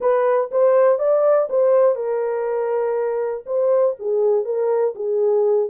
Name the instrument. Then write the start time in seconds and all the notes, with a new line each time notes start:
horn
0.00 B4
0.51 C5
0.98 D5
1.49 C5
1.95 A#4
3.46 C5
3.99 G#4
4.44 A#4
4.95 G#4